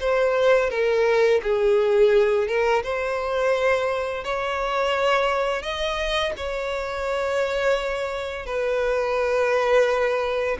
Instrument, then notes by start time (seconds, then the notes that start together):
violin
0.00 C5
0.70 A#4
1.43 G#4
2.48 A#4
2.83 C5
4.24 C#5
5.62 D#5
6.37 C#5
8.46 B4